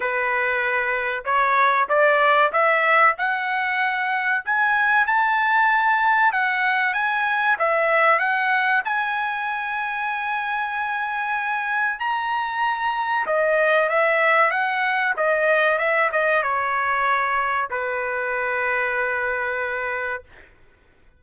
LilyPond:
\new Staff \with { instrumentName = "trumpet" } { \time 4/4 \tempo 4 = 95 b'2 cis''4 d''4 | e''4 fis''2 gis''4 | a''2 fis''4 gis''4 | e''4 fis''4 gis''2~ |
gis''2. ais''4~ | ais''4 dis''4 e''4 fis''4 | dis''4 e''8 dis''8 cis''2 | b'1 | }